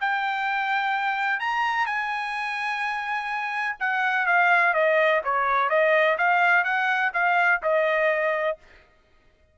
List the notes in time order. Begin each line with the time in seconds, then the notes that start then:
0.00 G5
1.40 A#5
1.86 G#5
3.80 F#5
4.26 F5
4.74 D#5
5.24 C#5
5.69 D#5
6.18 F5
6.64 F#5
7.14 F5
7.63 D#5